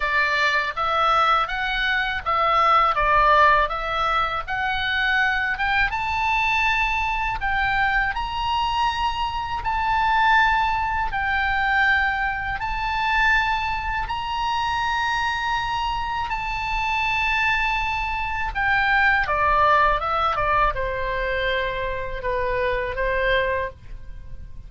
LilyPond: \new Staff \with { instrumentName = "oboe" } { \time 4/4 \tempo 4 = 81 d''4 e''4 fis''4 e''4 | d''4 e''4 fis''4. g''8 | a''2 g''4 ais''4~ | ais''4 a''2 g''4~ |
g''4 a''2 ais''4~ | ais''2 a''2~ | a''4 g''4 d''4 e''8 d''8 | c''2 b'4 c''4 | }